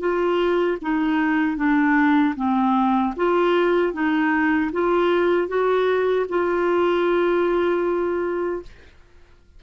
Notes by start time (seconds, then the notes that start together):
0.00 F4
0.82 D#4
1.57 D4
2.36 C4
3.17 F4
3.93 D#4
4.72 F4
5.48 F#4
6.29 F4